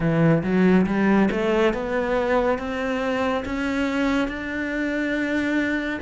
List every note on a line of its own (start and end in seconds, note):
0.00 0.42 E3
0.43 0.86 F#3
0.86 1.29 G3
1.31 1.73 A3
1.73 2.58 B3
2.58 3.44 C4
3.45 4.27 C#4
4.27 5.99 D4